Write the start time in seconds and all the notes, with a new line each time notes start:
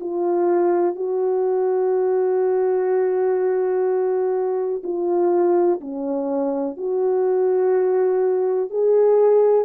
0.00 F4
0.95 F#4
4.83 F4
5.80 C#4
6.77 F#4
8.70 G#4